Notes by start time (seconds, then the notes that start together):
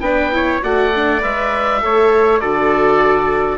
0.00 B3 D4 B4 G5
0.32 E4 C#5
0.62 A3 F#4 D5 F#5
0.95 D4
1.21 G#3 B4 E5
1.81 A3 A4 C#5
2.40 D3 F#4 A4 D5